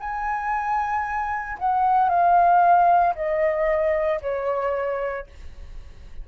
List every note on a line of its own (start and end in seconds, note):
0.00 1.58 G#5
1.59 2.09 F#5
2.09 3.14 F5
3.15 4.21 D#5
4.21 5.26 C#5